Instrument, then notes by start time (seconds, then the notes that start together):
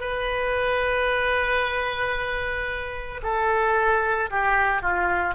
oboe
0.00 B4
3.22 A4
4.31 G4
4.82 F4